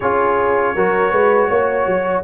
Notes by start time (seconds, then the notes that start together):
0.00 C#4 F4 G#4 C#5
0.75 F#3 F#4 A#4
1.10 G#3 B4
1.48 A#3 C#5
1.86 F#3